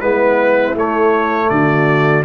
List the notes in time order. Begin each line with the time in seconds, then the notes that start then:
0.00 G#3 B3 E4 B4
0.75 A3 C#5
1.50 D3 F#4 D5